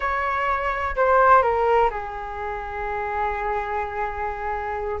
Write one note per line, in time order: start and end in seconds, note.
0.00 0.95 C#5
0.96 1.42 C5
1.42 1.89 A#4
1.90 5.00 G#4